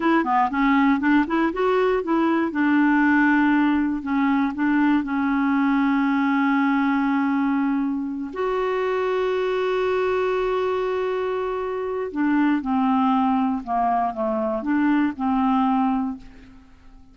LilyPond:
\new Staff \with { instrumentName = "clarinet" } { \time 4/4 \tempo 4 = 119 e'8 b8 cis'4 d'8 e'8 fis'4 | e'4 d'2. | cis'4 d'4 cis'2~ | cis'1~ |
cis'8 fis'2.~ fis'8~ | fis'1 | d'4 c'2 ais4 | a4 d'4 c'2 | }